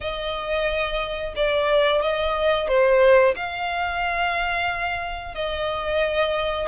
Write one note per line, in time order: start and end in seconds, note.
0.00 1.34 D#5
1.35 2.01 D5
2.01 2.68 D#5
2.68 3.35 C5
3.35 5.34 F5
5.34 6.67 D#5